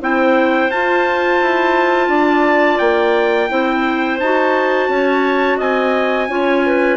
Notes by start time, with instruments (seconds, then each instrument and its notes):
0.00 bassoon C4, clarinet E4 C5, trumpet G5
0.70 bassoon F4, clarinet F4, trumpet A5
1.42 bassoon E4
2.08 bassoon D4, clarinet D5
2.79 bassoon A#3, trumpet G5
3.49 bassoon C4, clarinet E4 C5
4.20 bassoon D#4, clarinet F#4, trumpet A5
4.89 bassoon C#4, clarinet C#5
5.58 bassoon C4, clarinet D#5, trumpet G#5
6.29 bassoon C#4, clarinet F4 C#5
6.66 clarinet B4